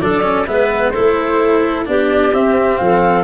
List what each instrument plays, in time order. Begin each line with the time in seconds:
0.00 tuba F#3, cello D4, clarinet A4, flute D5
0.22 cello C#4
0.47 tuba G#3, cello B3, clarinet B4, flute E5
0.90 cello E4, clarinet A4, flute C5
0.98 tuba A3
1.86 tuba B3, cello D4, clarinet G4, flute D5
2.33 tuba C4, cello C4, flute E5
2.78 tuba F3, clarinet A4, flute F5